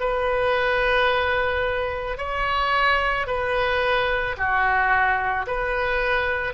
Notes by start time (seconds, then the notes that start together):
0.00 B4
2.18 C#5
3.27 B4
4.37 F#4
5.46 B4